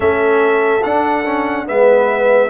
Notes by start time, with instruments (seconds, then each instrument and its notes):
0.00 tuba A3, trombone C#4, horn A4, trumpet E5
0.83 trombone D4, tuba D4, trumpet F#5
1.24 trombone C#4
1.65 tuba G#3, trombone B3, horn B4, trumpet E5